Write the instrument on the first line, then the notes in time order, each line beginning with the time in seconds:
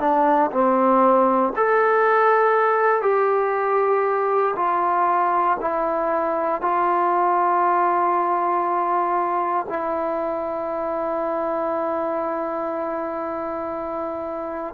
trombone
0.00 D4
0.52 C4
1.56 A4
3.02 G4
4.56 F4
5.61 E4
6.61 F4
9.69 E4